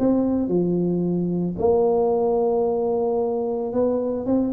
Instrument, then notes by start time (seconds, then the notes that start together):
tuba
0.00 C4
0.48 F3
1.59 A#3
3.74 B3
4.26 C4